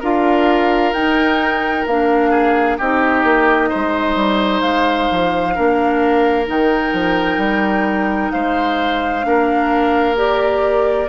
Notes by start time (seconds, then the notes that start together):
0.00 D4 F4 A#4 F5
0.93 D#4 G5
1.86 A#3 D4 F5
2.30 G#4
2.78 C4 D#4 G4 D#5
3.23 A#3
3.69 G#3 C5
4.15 G3
4.61 G#3 F5
5.11 F3
5.55 A#3 D4 A#4
6.46 D#3 D#4 G5
6.93 F3
7.37 G3
8.31 G#3 C5 F5
9.22 A#3 D4 A#4
10.16 G4 D5